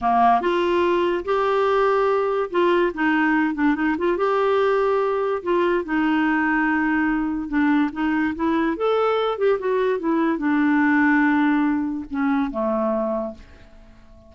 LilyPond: \new Staff \with { instrumentName = "clarinet" } { \time 4/4 \tempo 4 = 144 ais4 f'2 g'4~ | g'2 f'4 dis'4~ | dis'8 d'8 dis'8 f'8 g'2~ | g'4 f'4 dis'2~ |
dis'2 d'4 dis'4 | e'4 a'4. g'8 fis'4 | e'4 d'2.~ | d'4 cis'4 a2 | }